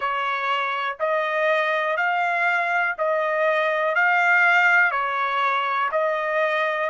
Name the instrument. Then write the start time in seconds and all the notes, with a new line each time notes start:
trumpet
0.00 C#5
0.99 D#5
1.96 F5
2.98 D#5
3.95 F5
4.91 C#5
5.91 D#5